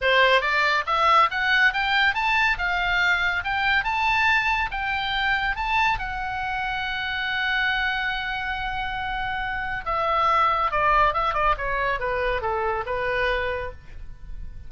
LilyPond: \new Staff \with { instrumentName = "oboe" } { \time 4/4 \tempo 4 = 140 c''4 d''4 e''4 fis''4 | g''4 a''4 f''2 | g''4 a''2 g''4~ | g''4 a''4 fis''2~ |
fis''1~ | fis''2. e''4~ | e''4 d''4 e''8 d''8 cis''4 | b'4 a'4 b'2 | }